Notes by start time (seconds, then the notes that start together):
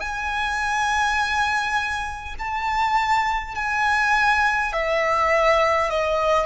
0.00 G#5
2.39 A5
3.55 G#5
4.73 E5
5.90 D#5